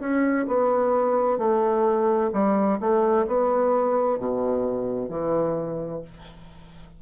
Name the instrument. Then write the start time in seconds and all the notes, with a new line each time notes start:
bassoon
0.00 C#4
0.47 B3
1.38 A3
2.33 G3
2.80 A3
3.27 B3
4.19 B2
5.09 E3